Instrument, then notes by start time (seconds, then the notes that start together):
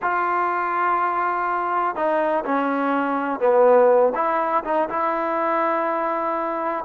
trombone
0.02 F4
1.95 D#4
2.45 C#4
3.39 B3
4.14 E4
4.64 D#4
4.89 E4